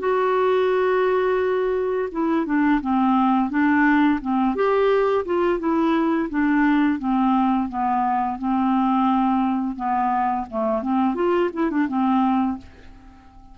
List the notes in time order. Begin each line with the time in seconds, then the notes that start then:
0.00 F#4
2.12 E4
2.46 D4
2.82 C4
3.50 D4
4.22 C4
4.55 G4
5.25 F4
5.60 E4
6.30 D4
6.99 C4
7.69 B3
8.39 C4
9.76 B3
10.50 A3
10.83 C4
11.15 F4
11.54 E4
11.71 D4
11.88 C4